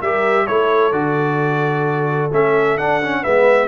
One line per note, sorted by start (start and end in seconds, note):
0.00 0.48 G3
0.00 0.47 G4
0.00 0.46 A#4
0.00 0.47 E5
0.47 0.92 A3
0.47 0.92 E4
0.47 3.21 A4
0.47 0.92 C#5
0.92 2.30 D3
0.92 2.31 F#4
0.92 2.31 D5
2.32 2.78 A3
2.32 2.79 C#4
2.32 2.78 E5
2.78 3.02 D4
2.78 3.25 D4
2.78 3.24 F#5
3.02 3.24 C#4
3.21 3.68 G#3
3.21 3.68 B3
3.21 3.67 B4
3.21 3.68 E5